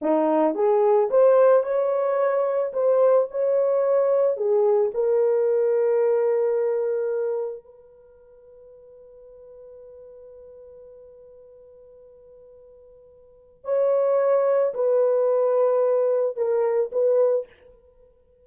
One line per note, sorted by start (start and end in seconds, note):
0.01 0.54 D#4
0.54 1.09 G#4
1.10 1.63 C5
1.63 2.72 C#5
2.73 3.27 C5
3.30 4.36 C#5
4.36 4.91 G#4
4.93 7.64 A#4
7.64 13.64 B4
13.64 14.73 C#5
14.73 16.36 B4
16.36 16.91 A#4
16.91 17.46 B4